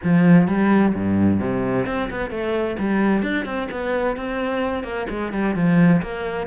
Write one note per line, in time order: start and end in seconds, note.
0.03 0.47 F3
0.47 0.93 G3
0.94 1.40 G2
1.40 1.86 C3
1.86 2.09 C4
2.10 2.30 B3
2.30 2.76 A3
2.78 3.22 G3
3.22 3.45 D4
3.45 3.68 C4
3.71 4.16 B3
4.16 4.83 C4
4.83 5.06 A#3
5.09 5.32 G#3
5.32 5.55 G3
5.55 6.01 F3
6.01 6.46 A#3